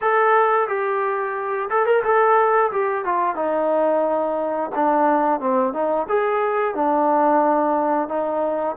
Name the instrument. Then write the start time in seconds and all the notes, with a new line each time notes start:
trombone
0.01 A4
0.67 G4
1.70 A4
1.85 A#4
2.03 A4
2.71 G4
3.05 F4
3.35 D#4
4.75 D4
5.39 C4
5.73 D#4
6.09 G#4
6.74 D4
8.08 D#4